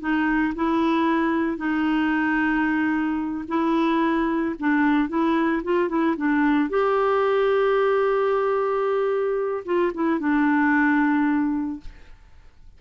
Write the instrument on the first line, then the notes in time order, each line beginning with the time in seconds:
clarinet
0.00 D#4
0.55 E4
1.57 D#4
3.48 E4
4.59 D4
5.09 E4
5.64 F4
5.89 E4
6.17 D4
6.69 G4
9.65 F4
9.94 E4
10.20 D4